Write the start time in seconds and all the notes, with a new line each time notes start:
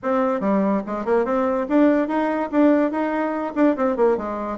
0.02 C4
0.40 G3
0.86 G#3
1.05 A#3
1.25 C4
1.69 D4
2.07 D#4
2.51 D4
2.91 D#4
3.55 D4
3.76 C4
3.96 A#3
4.17 G#3